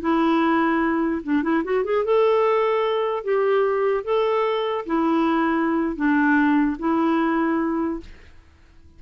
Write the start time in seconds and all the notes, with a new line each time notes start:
0.00 E4
1.23 D4
1.43 E4
1.64 F#4
1.84 G#4
2.05 A4
3.24 G4
4.04 A4
4.86 E4
5.96 D4
6.78 E4